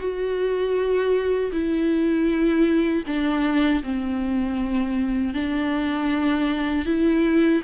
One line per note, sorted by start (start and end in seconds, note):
0.00 1.52 F#4
1.52 3.04 E4
3.08 3.84 D4
3.84 5.34 C4
5.34 6.86 D4
6.86 7.62 E4